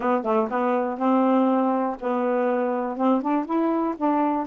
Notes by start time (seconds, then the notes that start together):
0.00 B3
0.23 A3
0.50 B3
0.97 C4
2.00 B3
2.96 C4
3.21 D4
3.45 E4
3.96 D4